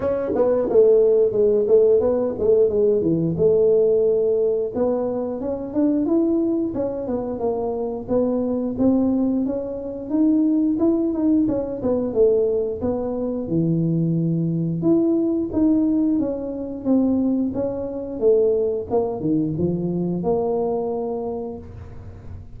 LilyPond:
\new Staff \with { instrumentName = "tuba" } { \time 4/4 \tempo 4 = 89 cis'8 b8 a4 gis8 a8 b8 a8 | gis8 e8 a2 b4 | cis'8 d'8 e'4 cis'8 b8 ais4 | b4 c'4 cis'4 dis'4 |
e'8 dis'8 cis'8 b8 a4 b4 | e2 e'4 dis'4 | cis'4 c'4 cis'4 a4 | ais8 dis8 f4 ais2 | }